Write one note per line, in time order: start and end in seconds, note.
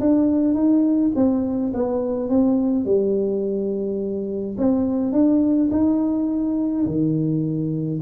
0.00 0.54 D4
0.54 1.11 D#4
1.16 1.73 C4
1.74 2.30 B3
2.30 2.85 C4
2.85 4.57 G3
4.58 5.12 C4
5.12 5.69 D4
5.71 6.85 D#4
6.86 8.00 D#3